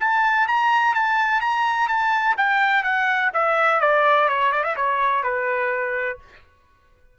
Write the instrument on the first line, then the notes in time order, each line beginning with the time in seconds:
trumpet
0.00 A5
0.48 A#5
0.94 A5
1.41 A#5
1.88 A5
2.37 G5
2.83 F#5
3.34 E5
3.81 D5
4.28 C#5
4.52 D5
4.63 E5
4.76 C#5
5.23 B4